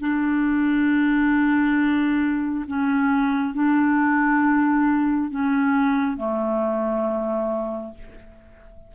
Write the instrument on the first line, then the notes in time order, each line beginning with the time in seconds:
clarinet
0.00 D4
2.67 C#4
3.54 D4
5.30 C#4
6.17 A3